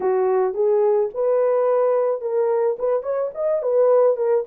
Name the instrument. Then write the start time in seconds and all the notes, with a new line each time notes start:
horn
0.00 F#4
0.54 G#4
1.14 B4
2.21 A#4
2.78 B4
3.03 C#5
3.34 D#5
3.62 B4
4.16 A#4